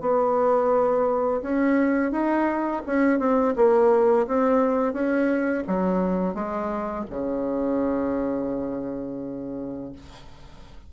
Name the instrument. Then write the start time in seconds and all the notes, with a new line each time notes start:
bassoon
0.00 B3
1.42 C#4
2.11 D#4
2.86 C#4
3.19 C4
3.56 A#3
4.27 C4
4.93 C#4
5.67 F#3
6.34 G#3
7.10 C#3